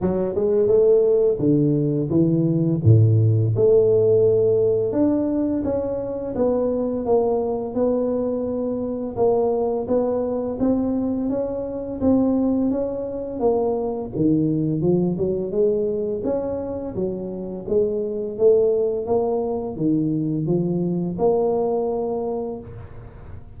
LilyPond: \new Staff \with { instrumentName = "tuba" } { \time 4/4 \tempo 4 = 85 fis8 gis8 a4 d4 e4 | a,4 a2 d'4 | cis'4 b4 ais4 b4~ | b4 ais4 b4 c'4 |
cis'4 c'4 cis'4 ais4 | dis4 f8 fis8 gis4 cis'4 | fis4 gis4 a4 ais4 | dis4 f4 ais2 | }